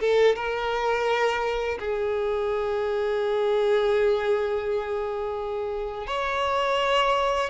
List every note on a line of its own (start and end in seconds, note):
0.00 0.36 A4
0.36 1.79 A#4
1.79 6.07 G#4
6.07 7.50 C#5